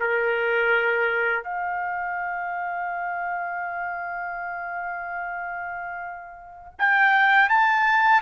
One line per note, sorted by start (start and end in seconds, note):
0.00 1.43 A#4
1.43 6.74 F5
6.79 7.49 G5
7.49 8.22 A5